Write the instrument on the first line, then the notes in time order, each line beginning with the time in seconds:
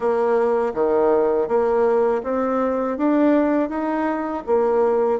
bassoon
0.00 A#3
0.74 D#3
1.48 A#3
2.23 C4
2.97 D4
3.69 D#4
4.46 A#3